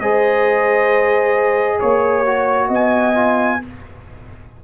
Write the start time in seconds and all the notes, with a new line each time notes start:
0.00 G#3 G#4 C5 D#5
1.79 A#3 C#5
2.26 F#4
2.68 B3 D#5
2.74 G#5
3.15 F4